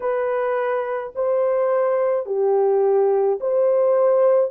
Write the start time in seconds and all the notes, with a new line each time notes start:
0.00 B4
1.15 C5
2.25 G4
3.40 C5